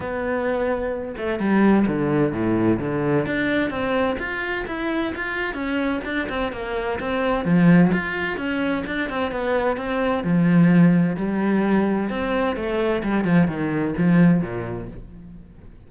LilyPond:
\new Staff \with { instrumentName = "cello" } { \time 4/4 \tempo 4 = 129 b2~ b8 a8 g4 | d4 a,4 d4 d'4 | c'4 f'4 e'4 f'4 | cis'4 d'8 c'8 ais4 c'4 |
f4 f'4 cis'4 d'8 c'8 | b4 c'4 f2 | g2 c'4 a4 | g8 f8 dis4 f4 ais,4 | }